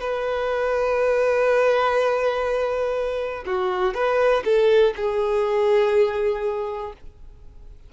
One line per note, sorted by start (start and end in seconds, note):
0.00 3.44 B4
3.46 3.94 F#4
3.94 4.43 B4
4.44 4.94 A4
4.96 6.93 G#4